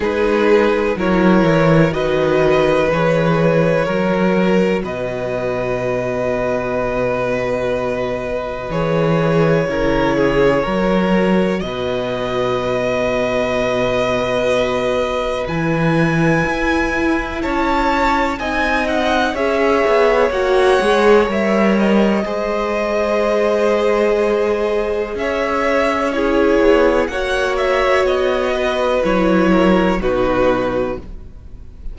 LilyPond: <<
  \new Staff \with { instrumentName = "violin" } { \time 4/4 \tempo 4 = 62 b'4 cis''4 dis''4 cis''4~ | cis''4 dis''2.~ | dis''4 cis''2. | dis''1 |
gis''2 a''4 gis''8 fis''8 | e''4 fis''4 e''8 dis''4.~ | dis''2 e''4 cis''4 | fis''8 e''8 dis''4 cis''4 b'4 | }
  \new Staff \with { instrumentName = "violin" } { \time 4/4 gis'4 ais'4 b'2 | ais'4 b'2.~ | b'2 ais'8 gis'8 ais'4 | b'1~ |
b'2 cis''4 dis''4 | cis''2. c''4~ | c''2 cis''4 gis'4 | cis''4. b'4 ais'8 fis'4 | }
  \new Staff \with { instrumentName = "viola" } { \time 4/4 dis'4 e'4 fis'4 gis'4 | fis'1~ | fis'4 gis'4 e'4 fis'4~ | fis'1 |
e'2. dis'4 | gis'4 fis'8 gis'8 ais'4 gis'4~ | gis'2. e'4 | fis'2 e'4 dis'4 | }
  \new Staff \with { instrumentName = "cello" } { \time 4/4 gis4 fis8 e8 dis4 e4 | fis4 b,2.~ | b,4 e4 cis4 fis4 | b,1 |
e4 e'4 cis'4 c'4 | cis'8 b8 ais8 gis8 g4 gis4~ | gis2 cis'4. b8 | ais4 b4 fis4 b,4 | }
>>